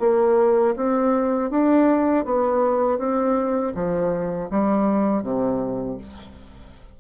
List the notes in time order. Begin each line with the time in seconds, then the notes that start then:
0.00 A#3
0.76 C4
1.51 D4
2.25 B3
2.98 C4
3.75 F3
4.51 G3
5.23 C3